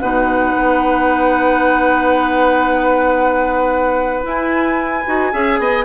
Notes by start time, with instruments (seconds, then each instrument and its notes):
0.00 bassoon B2, clarinet D#4, oboe B4, flute F#5
0.56 bassoon B3
4.24 clarinet E4, bassoon E4, flute G#5
5.07 bassoon D#4, clarinet F#4
5.33 bassoon C#4, clarinet G#4, oboe E5
5.59 bassoon B3, oboe D#5